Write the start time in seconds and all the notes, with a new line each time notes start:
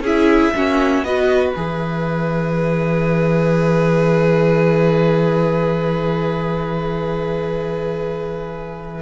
0.00 C#4 E4 G#4 E5
0.55 A#3 C#4 F#4
1.02 B3 F#4 B4 D#5
1.53 E3 G#4 E5